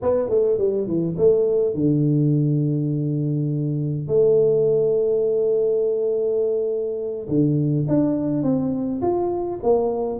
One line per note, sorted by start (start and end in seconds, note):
0.02 0.29 B3
0.29 0.58 A3
0.58 0.87 G3
0.87 1.16 E3
1.17 1.74 A3
1.74 4.07 D3
4.07 7.28 A3
7.28 7.86 D3
7.88 8.42 D4
8.42 9.01 C4
9.01 9.59 F4
9.62 10.19 A#3